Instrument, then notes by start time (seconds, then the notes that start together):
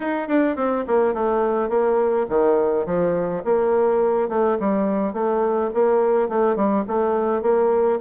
bassoon
0.00 D#4
0.28 D4
0.56 C4
0.87 A#3
1.14 A3
1.69 A#3
2.29 D#3
2.85 F3
3.44 A#3
4.29 A3
4.59 G3
5.13 A3
5.74 A#3
6.28 A3
6.56 G3
6.87 A3
7.42 A#3